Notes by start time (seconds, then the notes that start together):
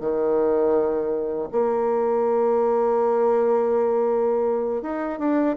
0.00 D#3
1.52 A#3
4.82 D#4
5.19 D4